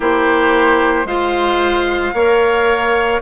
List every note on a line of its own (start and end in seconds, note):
0.00 1.04 A#3
0.00 1.05 E4
0.00 1.06 G4
0.00 1.07 C5
1.04 2.11 G#3
1.04 2.14 F4
1.04 2.14 C5
1.04 3.21 F5
2.13 3.21 A#3
2.13 3.22 A#4
2.13 3.21 C#5